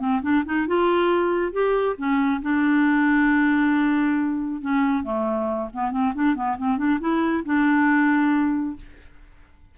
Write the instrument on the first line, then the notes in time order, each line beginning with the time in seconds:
clarinet
0.00 C4
0.22 D4
0.45 D#4
0.67 F4
1.52 G4
1.98 C#4
2.42 D4
4.61 C#4
5.04 A3
5.73 B3
5.92 C4
6.15 D4
6.35 B3
6.58 C4
6.78 D4
7.00 E4
7.45 D4